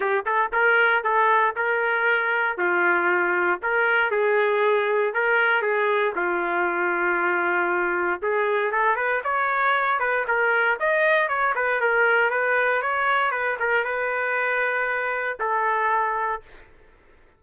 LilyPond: \new Staff \with { instrumentName = "trumpet" } { \time 4/4 \tempo 4 = 117 g'8 a'8 ais'4 a'4 ais'4~ | ais'4 f'2 ais'4 | gis'2 ais'4 gis'4 | f'1 |
gis'4 a'8 b'8 cis''4. b'8 | ais'4 dis''4 cis''8 b'8 ais'4 | b'4 cis''4 b'8 ais'8 b'4~ | b'2 a'2 | }